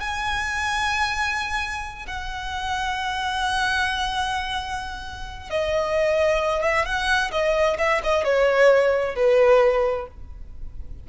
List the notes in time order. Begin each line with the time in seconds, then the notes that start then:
0.00 G#5
2.07 F#5
5.50 D#5
6.63 E5
6.85 F#5
7.31 D#5
7.78 E5
8.03 D#5
8.24 C#5
9.15 B4